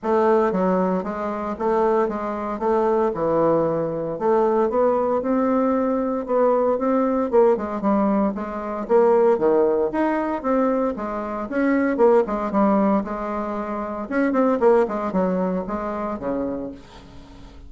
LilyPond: \new Staff \with { instrumentName = "bassoon" } { \time 4/4 \tempo 4 = 115 a4 fis4 gis4 a4 | gis4 a4 e2 | a4 b4 c'2 | b4 c'4 ais8 gis8 g4 |
gis4 ais4 dis4 dis'4 | c'4 gis4 cis'4 ais8 gis8 | g4 gis2 cis'8 c'8 | ais8 gis8 fis4 gis4 cis4 | }